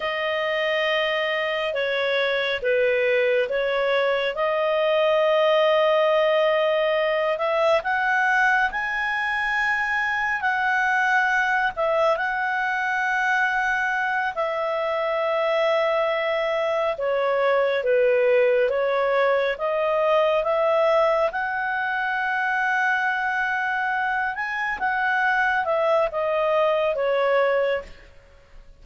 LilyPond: \new Staff \with { instrumentName = "clarinet" } { \time 4/4 \tempo 4 = 69 dis''2 cis''4 b'4 | cis''4 dis''2.~ | dis''8 e''8 fis''4 gis''2 | fis''4. e''8 fis''2~ |
fis''8 e''2. cis''8~ | cis''8 b'4 cis''4 dis''4 e''8~ | e''8 fis''2.~ fis''8 | gis''8 fis''4 e''8 dis''4 cis''4 | }